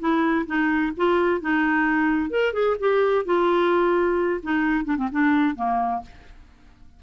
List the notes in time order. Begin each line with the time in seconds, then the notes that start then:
0.00 E4
0.47 D#4
0.97 F4
1.41 D#4
2.31 A#4
2.54 G#4
2.80 G4
3.26 F4
4.43 D#4
4.85 D4
4.98 C4
5.12 D4
5.56 A#3